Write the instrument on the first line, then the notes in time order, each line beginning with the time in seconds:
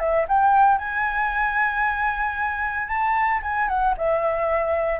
flute
0.00 E5
0.29 G5
0.78 G#5
2.89 A5
3.43 G#5
3.69 F#5
3.98 E5